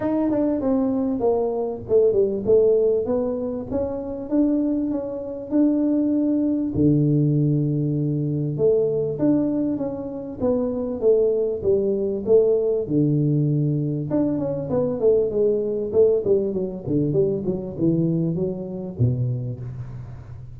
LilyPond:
\new Staff \with { instrumentName = "tuba" } { \time 4/4 \tempo 4 = 98 dis'8 d'8 c'4 ais4 a8 g8 | a4 b4 cis'4 d'4 | cis'4 d'2 d4~ | d2 a4 d'4 |
cis'4 b4 a4 g4 | a4 d2 d'8 cis'8 | b8 a8 gis4 a8 g8 fis8 d8 | g8 fis8 e4 fis4 b,4 | }